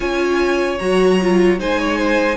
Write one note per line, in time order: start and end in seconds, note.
0.00 0.79 C#4
0.00 0.78 F4
0.00 1.59 C#5
0.00 0.78 G#5
0.78 1.60 F#3
0.78 1.20 F#4
0.78 1.58 A#5
1.21 1.59 F4
1.59 2.36 G#3
1.59 2.36 D#4
1.59 1.79 C5
1.59 2.36 G#5
1.79 1.97 C#5
1.97 2.36 C5